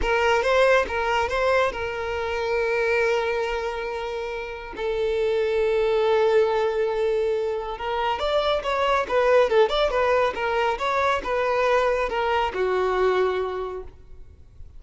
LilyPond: \new Staff \with { instrumentName = "violin" } { \time 4/4 \tempo 4 = 139 ais'4 c''4 ais'4 c''4 | ais'1~ | ais'2. a'4~ | a'1~ |
a'2 ais'4 d''4 | cis''4 b'4 a'8 d''8 b'4 | ais'4 cis''4 b'2 | ais'4 fis'2. | }